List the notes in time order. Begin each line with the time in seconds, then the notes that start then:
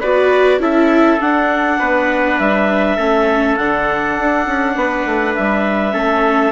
0.00 B3 F#4 B4 D5
0.59 C#4 E4 A4 E5
1.20 D4 F#5
1.79 B3 B4
2.39 G3 E5
2.96 A3 C#4 A4
3.56 D3 D4 F#5
4.19 D4
4.46 C#4
4.75 B3 B4
5.05 A3
5.35 G3 E5
5.92 A3 C#4 A4